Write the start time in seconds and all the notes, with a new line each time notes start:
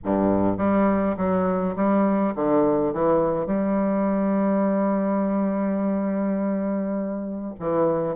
0.04 G2
0.57 G3
1.17 F#3
1.76 G3
2.35 D3
2.93 E3
3.46 G3
7.59 E3